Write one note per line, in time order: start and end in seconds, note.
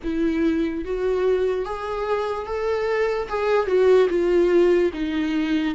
0.03 0.84 E4
0.84 1.65 F#4
1.65 2.46 G#4
2.46 3.28 A4
3.28 3.67 G#4
3.67 4.08 F#4
4.09 4.91 F4
4.93 5.75 D#4